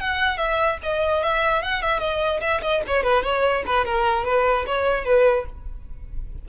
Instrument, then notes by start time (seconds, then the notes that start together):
violin
0.00 F#5
0.37 E5
0.83 D#5
1.23 E5
1.62 F#5
1.82 E5
2.00 D#5
2.41 E5
2.61 D#5
2.87 C#5
3.03 B4
3.23 C#5
3.66 B4
3.85 A#4
4.24 B4
4.66 C#5
5.05 B4